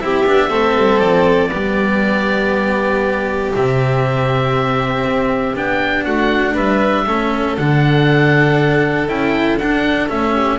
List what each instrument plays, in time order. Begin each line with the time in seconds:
0.00 double bass C4, cello E4, violin G4, oboe E5
0.26 double bass B3, cello D4
0.50 double bass A3, cello C4, violin A4
0.77 double bass G3
0.99 double bass F3, oboe D5
1.49 double bass G3, cello B3, violin G4
3.55 double bass C3, cello C4, oboe E5
5.05 double bass C4
5.55 double bass B3, cello D4, oboe G5
6.04 double bass A3, violin F#4, oboe F#5
6.54 double bass G3, violin B4, oboe E5
7.07 double bass A3, cello C#4, violin A4
7.57 double bass D3, cello D4, oboe F#5
9.07 double bass C#4, cello E4, oboe G5
9.57 double bass D4, cello D4, oboe F#5
10.09 double bass A3, cello C#4, oboe E5
10.33 violin G4